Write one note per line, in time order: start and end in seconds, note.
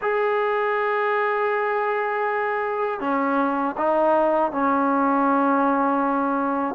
0.01 3.00 G#4
3.00 3.75 C#4
3.77 4.51 D#4
4.51 6.75 C#4